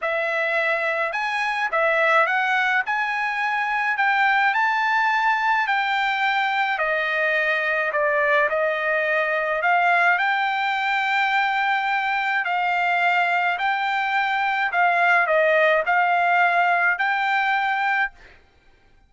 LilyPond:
\new Staff \with { instrumentName = "trumpet" } { \time 4/4 \tempo 4 = 106 e''2 gis''4 e''4 | fis''4 gis''2 g''4 | a''2 g''2 | dis''2 d''4 dis''4~ |
dis''4 f''4 g''2~ | g''2 f''2 | g''2 f''4 dis''4 | f''2 g''2 | }